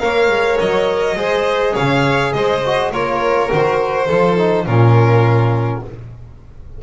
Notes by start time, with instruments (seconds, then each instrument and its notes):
0.00 double bass A#3, trombone A#4, violin C#5 F5
0.29 double bass G#3
0.60 double bass F#3, violin D#5
1.16 double bass G#3, trombone G#4, violin C5
1.74 double bass C#3, violin C#5 F5
2.34 double bass G#3, violin C5 D#5
2.65 trombone F#4
2.92 double bass A#3, trombone F4, violin A#4 C#5
3.50 double bass D#3, trombone F#4, violin C5
4.07 double bass F3, trombone F4, violin A4
4.38 trombone D#4
4.66 double bass A#2, trombone C#4, violin F4 A#4